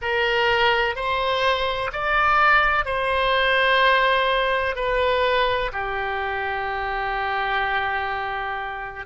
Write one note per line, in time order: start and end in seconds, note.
0.01 0.95 A#4
0.95 1.90 C5
1.92 2.85 D5
2.85 4.75 C5
4.75 5.71 B4
5.72 9.05 G4